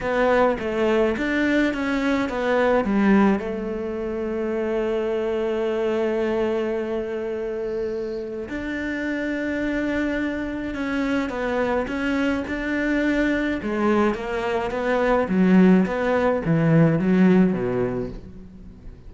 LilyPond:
\new Staff \with { instrumentName = "cello" } { \time 4/4 \tempo 4 = 106 b4 a4 d'4 cis'4 | b4 g4 a2~ | a1~ | a2. d'4~ |
d'2. cis'4 | b4 cis'4 d'2 | gis4 ais4 b4 fis4 | b4 e4 fis4 b,4 | }